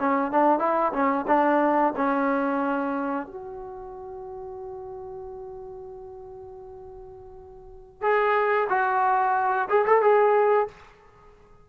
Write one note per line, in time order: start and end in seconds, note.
0.00 0.32 C#4
0.32 0.60 D4
0.60 0.93 E4
0.93 1.26 C#4
1.28 1.94 D4
1.97 3.27 C#4
3.27 8.02 F#4
8.02 8.68 G#4
8.70 9.69 F#4
9.70 9.86 G#4
9.87 10.02 A4
10.02 10.68 G#4